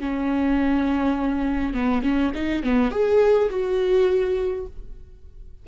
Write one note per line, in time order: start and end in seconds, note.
0.00 1.74 C#4
1.74 2.03 B3
2.03 2.32 C#4
2.35 2.63 D#4
2.63 2.92 B3
2.92 3.50 G#4
3.50 4.67 F#4